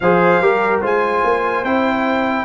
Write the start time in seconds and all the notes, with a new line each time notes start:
0.00 F3 G#4 C5 F5
0.40 G3 G4 A#4
0.81 G#3 F4 C5 G#5
1.24 A#3
1.64 C4 E4 G5